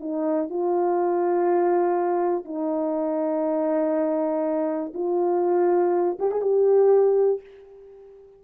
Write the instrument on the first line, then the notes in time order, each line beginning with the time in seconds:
horn
0.00 D#4
0.50 F4
2.45 D#4
4.94 F4
6.19 G4
6.31 G#4
6.42 G4